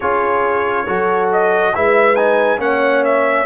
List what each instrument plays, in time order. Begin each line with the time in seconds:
0.00 tuba C#4, trombone F4, horn G#4, trumpet C#5
0.86 tuba F#3, trombone F#4, horn A4
1.32 trumpet D#5
1.74 tuba G#3, trombone E4, horn B4, trumpet E5
2.15 trombone D#4, trumpet G#5
2.57 tuba A#3, trombone C#4, horn C#5, trumpet F#5
3.04 trumpet E5